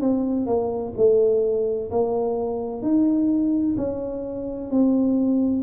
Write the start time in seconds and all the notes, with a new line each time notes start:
0.00 C4
0.46 A#3
0.96 A3
1.90 A#3
2.82 D#4
3.77 C#4
4.70 C4